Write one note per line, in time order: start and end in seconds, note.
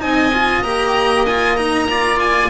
0.00 0.63 C4
0.00 0.31 D#4
0.00 1.88 D#5
0.00 0.63 G#5
0.34 0.64 F4
0.63 2.51 A#3
0.63 1.27 G4
0.63 1.26 A#5
1.26 1.58 F4
1.26 1.57 G#5
1.57 1.89 D#4
1.57 2.19 A#5
1.91 2.51 F4
1.91 2.51 D5
2.20 2.51 G#5